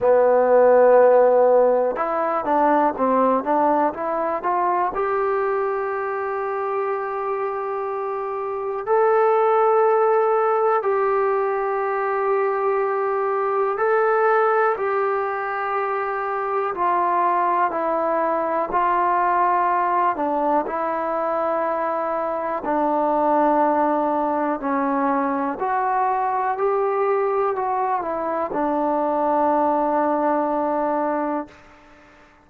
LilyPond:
\new Staff \with { instrumentName = "trombone" } { \time 4/4 \tempo 4 = 61 b2 e'8 d'8 c'8 d'8 | e'8 f'8 g'2.~ | g'4 a'2 g'4~ | g'2 a'4 g'4~ |
g'4 f'4 e'4 f'4~ | f'8 d'8 e'2 d'4~ | d'4 cis'4 fis'4 g'4 | fis'8 e'8 d'2. | }